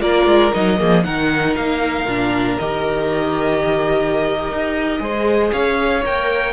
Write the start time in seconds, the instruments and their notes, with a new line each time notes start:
0.00 cello A#3, viola F4, violin A#4 D5
0.26 cello G#3
0.53 cello F#3, viola D#4, violin D#5
0.77 cello F3, viola A#3, violin G#4
1.04 cello D#3, viola D#4, violin A#4 F#5
1.56 cello A#3, violin F5
2.05 cello A#2, viola D4
2.59 cello D#3, viola G4, violin D#5
4.52 cello D#4
5.00 cello G#3, viola G#4, violin C5
5.53 cello C#4, violin C#5 F5
6.04 cello A#3, viola A#4, violin G5